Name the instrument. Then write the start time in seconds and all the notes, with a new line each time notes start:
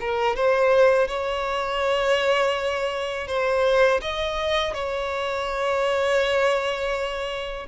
violin
0.00 A#4
0.36 C5
1.07 C#5
3.27 C5
4.01 D#5
4.74 C#5